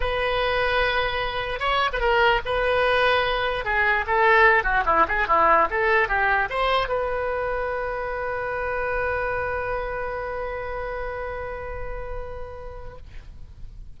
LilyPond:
\new Staff \with { instrumentName = "oboe" } { \time 4/4 \tempo 4 = 148 b'1 | cis''8. b'16 ais'4 b'2~ | b'4 gis'4 a'4. fis'8 | e'8 gis'8 e'4 a'4 g'4 |
c''4 b'2.~ | b'1~ | b'1~ | b'1 | }